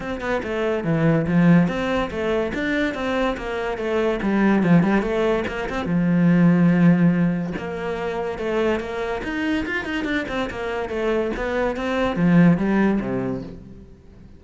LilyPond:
\new Staff \with { instrumentName = "cello" } { \time 4/4 \tempo 4 = 143 c'8 b8 a4 e4 f4 | c'4 a4 d'4 c'4 | ais4 a4 g4 f8 g8 | a4 ais8 c'8 f2~ |
f2 ais2 | a4 ais4 dis'4 f'8 dis'8 | d'8 c'8 ais4 a4 b4 | c'4 f4 g4 c4 | }